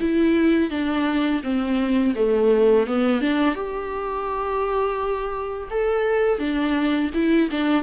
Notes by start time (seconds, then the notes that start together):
0.00 E4
0.70 D4
1.43 C4
2.15 A3
2.86 B3
3.21 D4
3.54 G4
5.70 A4
6.39 D4
7.14 E4
7.51 D4